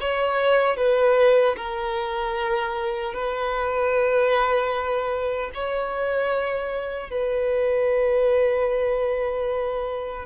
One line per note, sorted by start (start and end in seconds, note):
0.00 0.77 C#5
0.77 1.56 B4
1.56 3.14 A#4
3.14 5.51 B4
5.54 7.10 C#5
7.10 10.26 B4